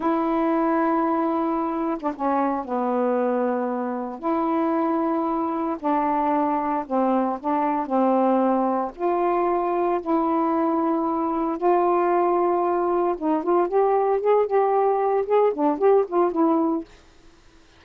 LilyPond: \new Staff \with { instrumentName = "saxophone" } { \time 4/4 \tempo 4 = 114 e'2.~ e'8. d'16 | cis'4 b2. | e'2. d'4~ | d'4 c'4 d'4 c'4~ |
c'4 f'2 e'4~ | e'2 f'2~ | f'4 dis'8 f'8 g'4 gis'8 g'8~ | g'4 gis'8 d'8 g'8 f'8 e'4 | }